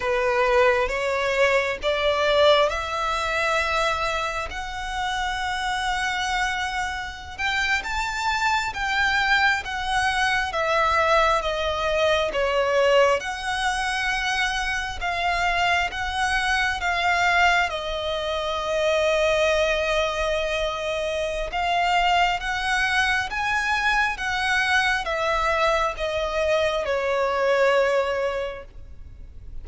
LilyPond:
\new Staff \with { instrumentName = "violin" } { \time 4/4 \tempo 4 = 67 b'4 cis''4 d''4 e''4~ | e''4 fis''2.~ | fis''16 g''8 a''4 g''4 fis''4 e''16~ | e''8. dis''4 cis''4 fis''4~ fis''16~ |
fis''8. f''4 fis''4 f''4 dis''16~ | dis''1 | f''4 fis''4 gis''4 fis''4 | e''4 dis''4 cis''2 | }